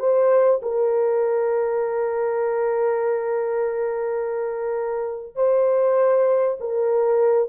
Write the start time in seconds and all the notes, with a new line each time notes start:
0.00 C5
0.63 A#4
5.36 C5
6.61 A#4